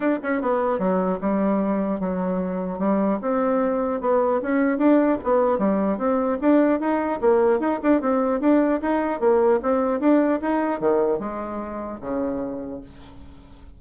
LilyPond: \new Staff \with { instrumentName = "bassoon" } { \time 4/4 \tempo 4 = 150 d'8 cis'8 b4 fis4 g4~ | g4 fis2 g4 | c'2 b4 cis'4 | d'4 b4 g4 c'4 |
d'4 dis'4 ais4 dis'8 d'8 | c'4 d'4 dis'4 ais4 | c'4 d'4 dis'4 dis4 | gis2 cis2 | }